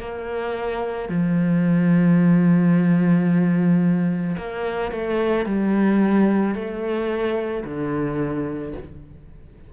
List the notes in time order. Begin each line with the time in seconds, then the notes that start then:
0.00 A#3
1.10 F3
4.38 A#3
4.92 A3
5.46 G3
6.55 A3
7.65 D3